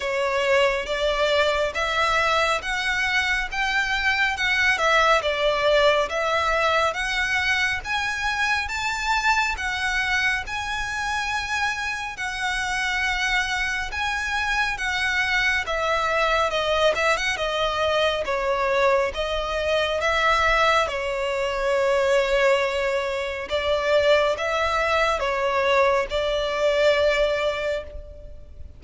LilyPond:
\new Staff \with { instrumentName = "violin" } { \time 4/4 \tempo 4 = 69 cis''4 d''4 e''4 fis''4 | g''4 fis''8 e''8 d''4 e''4 | fis''4 gis''4 a''4 fis''4 | gis''2 fis''2 |
gis''4 fis''4 e''4 dis''8 e''16 fis''16 | dis''4 cis''4 dis''4 e''4 | cis''2. d''4 | e''4 cis''4 d''2 | }